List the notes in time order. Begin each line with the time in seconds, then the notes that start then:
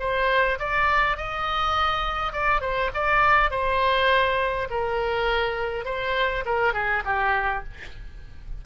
0.00 C5
0.59 D5
1.17 D#5
2.33 D5
2.61 C5
2.94 D5
3.51 C5
4.70 A#4
5.85 C5
6.46 A#4
6.74 G#4
7.05 G4